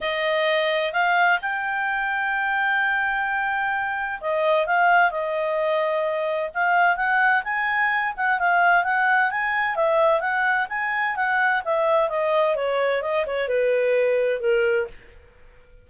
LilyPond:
\new Staff \with { instrumentName = "clarinet" } { \time 4/4 \tempo 4 = 129 dis''2 f''4 g''4~ | g''1~ | g''4 dis''4 f''4 dis''4~ | dis''2 f''4 fis''4 |
gis''4. fis''8 f''4 fis''4 | gis''4 e''4 fis''4 gis''4 | fis''4 e''4 dis''4 cis''4 | dis''8 cis''8 b'2 ais'4 | }